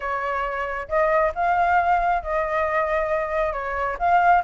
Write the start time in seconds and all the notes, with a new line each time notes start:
0.00 C#5
0.88 D#5
1.35 F5
2.22 D#5
3.53 C#5
3.98 F5